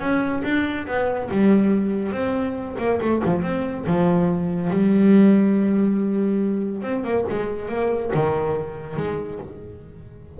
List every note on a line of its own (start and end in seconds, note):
0.00 0.43 C#4
0.44 0.87 D4
0.87 1.30 B3
1.31 2.12 G3
2.12 2.76 C4
2.79 3.00 A#3
3.02 3.23 A3
3.25 3.43 F3
3.43 3.85 C4
3.87 4.70 F3
4.70 6.83 G3
6.83 7.04 C4
7.04 7.25 A#3
7.30 7.69 G#3
7.69 8.11 A#3
8.14 8.97 D#3
8.97 9.39 G#3